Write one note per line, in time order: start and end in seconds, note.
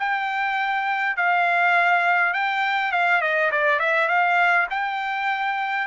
0.00 1.17 G5
1.17 2.34 F5
2.34 2.93 G5
2.93 3.22 F5
3.22 3.51 D#5
3.52 3.80 D5
3.80 4.09 E5
4.09 4.67 F5
4.70 5.88 G5